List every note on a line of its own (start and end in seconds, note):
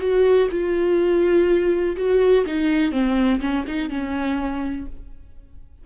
0.00 0.48 F#4
0.51 1.97 F4
1.97 2.45 F#4
2.46 2.92 D#4
2.92 3.40 C4
3.41 3.65 C#4
3.67 3.90 D#4
3.90 4.87 C#4